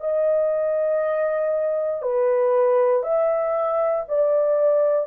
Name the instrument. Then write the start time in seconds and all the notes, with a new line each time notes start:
horn
0.00 D#5
2.02 B4
3.03 E5
4.09 D5